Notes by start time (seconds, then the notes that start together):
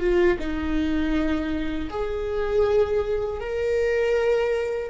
0.00 F4
0.39 D#4
1.90 G#4
3.40 A#4